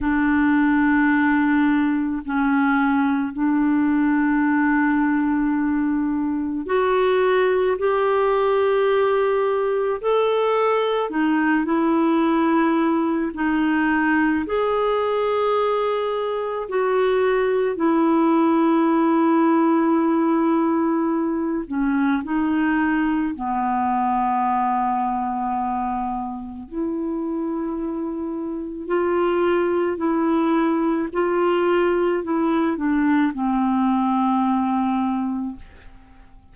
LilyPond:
\new Staff \with { instrumentName = "clarinet" } { \time 4/4 \tempo 4 = 54 d'2 cis'4 d'4~ | d'2 fis'4 g'4~ | g'4 a'4 dis'8 e'4. | dis'4 gis'2 fis'4 |
e'2.~ e'8 cis'8 | dis'4 b2. | e'2 f'4 e'4 | f'4 e'8 d'8 c'2 | }